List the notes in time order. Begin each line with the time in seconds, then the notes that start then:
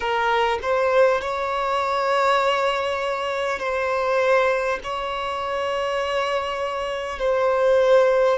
0.00 A#4
0.62 C5
1.21 C#5
3.59 C5
4.83 C#5
7.19 C5